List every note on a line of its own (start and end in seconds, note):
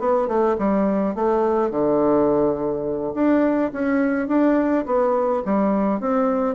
0.00 0.28 B3
0.28 0.57 A3
0.59 1.15 G3
1.15 1.71 A3
1.71 3.14 D3
3.15 3.72 D4
3.73 4.28 C#4
4.28 4.85 D4
4.86 5.43 B3
5.45 6.01 G3
6.01 6.56 C4